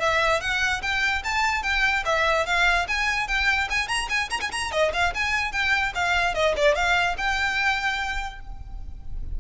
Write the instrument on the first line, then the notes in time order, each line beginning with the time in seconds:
violin
0.00 E5
0.41 F#5
0.82 G5
1.24 A5
1.63 G5
2.05 E5
2.46 F5
2.88 G#5
3.27 G5
3.70 G#5
3.88 A#5
4.09 G#5
4.30 A#5
4.41 G#5
4.52 A#5
4.72 D#5
4.94 F5
5.14 G#5
5.52 G5
5.95 F5
6.35 D#5
6.56 D5
6.75 F5
7.18 G5